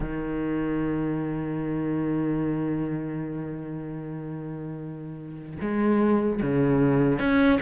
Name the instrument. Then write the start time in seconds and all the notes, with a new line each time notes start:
cello
0.00 D#3
5.61 G#3
6.41 C#3
7.19 C#4